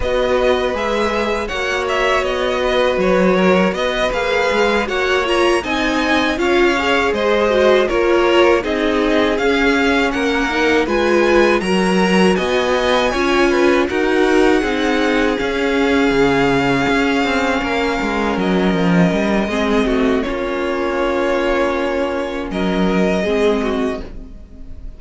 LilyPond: <<
  \new Staff \with { instrumentName = "violin" } { \time 4/4 \tempo 4 = 80 dis''4 e''4 fis''8 e''8 dis''4 | cis''4 dis''8 f''4 fis''8 ais''8 gis''8~ | gis''8 f''4 dis''4 cis''4 dis''8~ | dis''8 f''4 fis''4 gis''4 ais''8~ |
ais''8 gis''2 fis''4.~ | fis''8 f''2.~ f''8~ | f''8 dis''2~ dis''8 cis''4~ | cis''2 dis''2 | }
  \new Staff \with { instrumentName = "violin" } { \time 4/4 b'2 cis''4. b'8~ | b'8 ais'8 b'4. cis''4 dis''8~ | dis''8 cis''4 c''4 ais'4 gis'8~ | gis'4. ais'4 b'4 ais'8~ |
ais'8 dis''4 cis''8 b'8 ais'4 gis'8~ | gis'2.~ gis'8 ais'8~ | ais'2 gis'8 fis'8 f'4~ | f'2 ais'4 gis'8 fis'8 | }
  \new Staff \with { instrumentName = "viola" } { \time 4/4 fis'4 gis'4 fis'2~ | fis'4. gis'4 fis'8 f'8 dis'8~ | dis'8 f'8 gis'4 fis'8 f'4 dis'8~ | dis'8 cis'4. dis'8 f'4 fis'8~ |
fis'4. f'4 fis'4 dis'8~ | dis'8 cis'2.~ cis'8~ | cis'2 c'4 cis'4~ | cis'2. c'4 | }
  \new Staff \with { instrumentName = "cello" } { \time 4/4 b4 gis4 ais4 b4 | fis4 b8 ais8 gis8 ais4 c'8~ | c'8 cis'4 gis4 ais4 c'8~ | c'8 cis'4 ais4 gis4 fis8~ |
fis8 b4 cis'4 dis'4 c'8~ | c'8 cis'4 cis4 cis'8 c'8 ais8 | gis8 fis8 f8 g8 gis8 a8 ais4~ | ais2 fis4 gis4 | }
>>